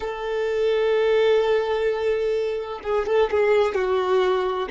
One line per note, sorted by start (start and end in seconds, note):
0.00 2.80 A4
2.83 3.06 G#4
3.06 3.30 A4
3.30 3.75 G#4
3.75 4.68 F#4